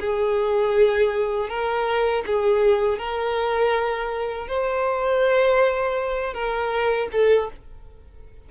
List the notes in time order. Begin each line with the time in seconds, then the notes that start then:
0.00 G#4
1.49 A#4
2.26 G#4
2.98 A#4
4.48 C5
6.33 A#4
7.12 A4